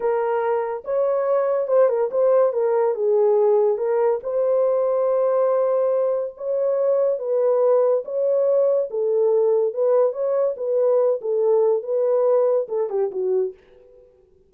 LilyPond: \new Staff \with { instrumentName = "horn" } { \time 4/4 \tempo 4 = 142 ais'2 cis''2 | c''8 ais'8 c''4 ais'4 gis'4~ | gis'4 ais'4 c''2~ | c''2. cis''4~ |
cis''4 b'2 cis''4~ | cis''4 a'2 b'4 | cis''4 b'4. a'4. | b'2 a'8 g'8 fis'4 | }